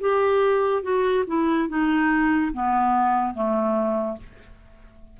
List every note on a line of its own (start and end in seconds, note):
0.00 0.82 G4
0.82 1.24 F#4
1.27 1.68 E4
1.68 2.52 D#4
2.53 3.34 B3
3.34 4.17 A3